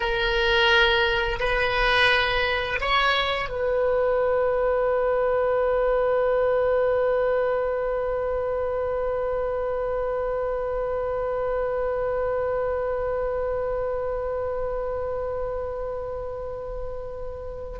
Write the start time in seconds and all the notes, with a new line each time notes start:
0.00 A#4
1.40 B4
2.80 C#5
3.49 B4